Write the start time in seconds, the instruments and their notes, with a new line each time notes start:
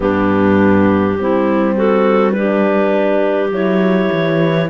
0.00 cello G2, horn B3, clarinet D4 G4
1.18 cello G3, horn C4, clarinet E4
1.75 clarinet F#4 A4
2.31 clarinet G4 B4
2.37 horn D4
3.51 cello F#3, horn E4, clarinet C#5
4.12 cello E3